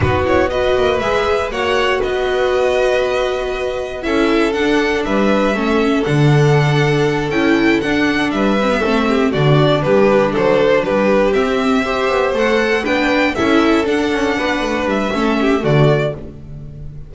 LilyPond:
<<
  \new Staff \with { instrumentName = "violin" } { \time 4/4 \tempo 4 = 119 b'8 cis''8 dis''4 e''4 fis''4 | dis''1 | e''4 fis''4 e''2 | fis''2~ fis''8 g''4 fis''8~ |
fis''8 e''2 d''4 b'8~ | b'8 c''4 b'4 e''4.~ | e''8 fis''4 g''4 e''4 fis''8~ | fis''4. e''4. d''4 | }
  \new Staff \with { instrumentName = "violin" } { \time 4/4 fis'4 b'2 cis''4 | b'1 | a'2 b'4 a'4~ | a'1~ |
a'8 b'4 a'8 g'8 fis'4 g'8~ | g'8 a'4 g'2 c''8~ | c''4. b'4 a'4.~ | a'8 b'4. a'8 g'8 fis'4 | }
  \new Staff \with { instrumentName = "viola" } { \time 4/4 dis'8 e'8 fis'4 gis'4 fis'4~ | fis'1 | e'4 d'2 cis'4 | d'2~ d'8 e'4 d'8~ |
d'4 c'16 b16 c'4 d'4.~ | d'2~ d'8 c'4 g'8~ | g'8 a'4 d'4 e'4 d'8~ | d'2 cis'4 a4 | }
  \new Staff \with { instrumentName = "double bass" } { \time 4/4 b4. ais8 gis4 ais4 | b1 | cis'4 d'4 g4 a4 | d2~ d8 cis'4 d'8~ |
d'8 g4 a4 d4 g8~ | g8 fis4 g4 c'4. | b8 a4 b4 cis'4 d'8 | cis'8 b8 a8 g8 a4 d4 | }
>>